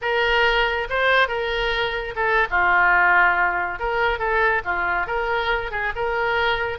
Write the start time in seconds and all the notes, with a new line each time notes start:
0.01 A#4
0.89 C5
1.28 A#4
2.15 A4
2.50 F4
3.79 A#4
4.19 A4
4.64 F4
5.06 A#4
5.71 G#4
5.95 A#4